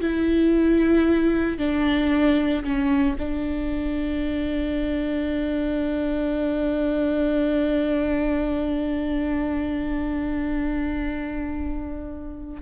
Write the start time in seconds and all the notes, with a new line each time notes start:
0.00 E4
1.58 D4
2.64 C#4
3.18 D4